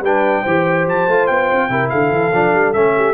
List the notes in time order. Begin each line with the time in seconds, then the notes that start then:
0.00 G3 D4 B4 G5
0.42 E3 G4 C5
0.87 F3 A5
1.07 A3 F4
1.26 B3 G5
1.51 C4
1.69 C3 E4 A#4
1.89 D3 A4 F5
2.10 E3
2.33 F3 D4
2.53 G3
2.73 A3 C#4 E5
2.96 G4